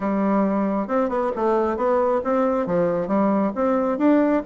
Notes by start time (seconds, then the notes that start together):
0.00 G3
0.87 C4
1.09 B3
1.36 A3
1.76 B3
2.23 C4
2.66 F3
3.07 G3
3.55 C4
3.98 D4